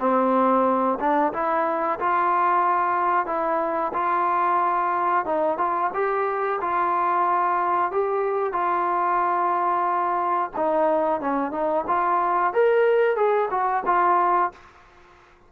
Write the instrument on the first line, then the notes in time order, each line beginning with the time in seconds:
trombone
0.00 C4
1.00 D4
1.33 E4
1.99 F4
3.26 E4
3.94 F4
5.25 D#4
5.58 F4
5.94 G4
6.61 F4
7.92 G4
8.53 F4
10.56 D#4
11.21 C#4
11.51 D#4
11.87 F4
12.53 A#4
13.16 G#4
13.50 F#4
13.86 F4